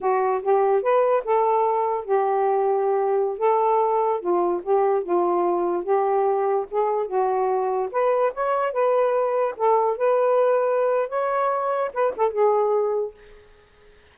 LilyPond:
\new Staff \with { instrumentName = "saxophone" } { \time 4/4 \tempo 4 = 146 fis'4 g'4 b'4 a'4~ | a'4 g'2.~ | g'16 a'2 f'4 g'8.~ | g'16 f'2 g'4.~ g'16~ |
g'16 gis'4 fis'2 b'8.~ | b'16 cis''4 b'2 a'8.~ | a'16 b'2~ b'8. cis''4~ | cis''4 b'8 a'8 gis'2 | }